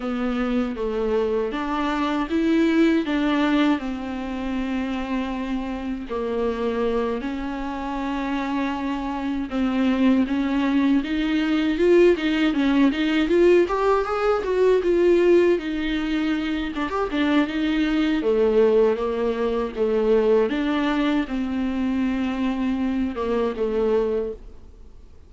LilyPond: \new Staff \with { instrumentName = "viola" } { \time 4/4 \tempo 4 = 79 b4 a4 d'4 e'4 | d'4 c'2. | ais4. cis'2~ cis'8~ | cis'8 c'4 cis'4 dis'4 f'8 |
dis'8 cis'8 dis'8 f'8 g'8 gis'8 fis'8 f'8~ | f'8 dis'4. d'16 g'16 d'8 dis'4 | a4 ais4 a4 d'4 | c'2~ c'8 ais8 a4 | }